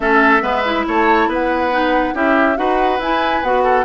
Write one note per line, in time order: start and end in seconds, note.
0.00 0.41 A3
0.00 0.41 C#4
0.00 0.42 A4
0.00 0.86 E5
0.41 0.85 G#3
0.41 0.62 B3
0.41 0.85 B4
0.65 1.72 E4
0.87 1.27 A3
0.87 1.28 C#5
0.87 1.31 A5
1.27 2.12 B3
1.27 2.14 B4
1.33 2.16 F#5
1.72 2.13 D#4
2.13 2.56 C#4
2.13 2.55 E4
2.13 2.57 G4
2.13 2.57 E5
2.55 2.98 D#4
2.55 2.98 F#4
2.55 3.63 B4
2.55 3.00 F#5
2.98 3.41 E4
2.98 3.44 E4
2.98 3.43 G#5
3.43 3.85 B3
3.43 3.85 F#4
3.43 3.85 F#5
3.63 3.85 A4